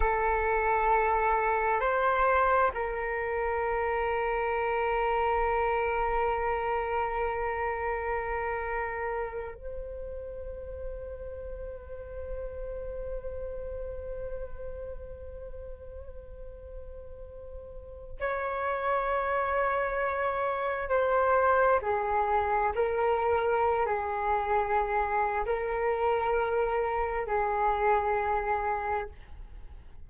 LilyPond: \new Staff \with { instrumentName = "flute" } { \time 4/4 \tempo 4 = 66 a'2 c''4 ais'4~ | ais'1~ | ais'2~ ais'8 c''4.~ | c''1~ |
c''1 | cis''2. c''4 | gis'4 ais'4~ ais'16 gis'4.~ gis'16 | ais'2 gis'2 | }